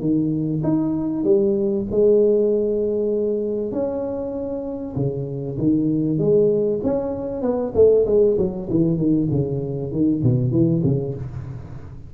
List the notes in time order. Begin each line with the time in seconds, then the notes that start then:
0.00 D#3
0.64 D#4
1.24 G3
1.91 G#3
3.72 C#4
4.96 C#3
5.58 D#3
6.18 G#3
6.84 C#4
7.42 B3
7.75 A3
8.06 G#3
8.38 F#3
8.70 E3
8.97 D#3
9.31 C#3
9.92 D#3
10.23 B2
10.51 E3
10.83 C#3